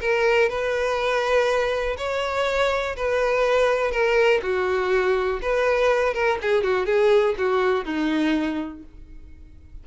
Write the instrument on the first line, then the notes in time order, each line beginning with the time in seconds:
violin
0.00 A#4
0.49 B4
1.97 C#5
2.96 B4
3.91 A#4
4.42 F#4
5.41 B4
6.13 A#4
6.41 G#4
6.63 F#4
6.86 G#4
7.37 F#4
7.85 D#4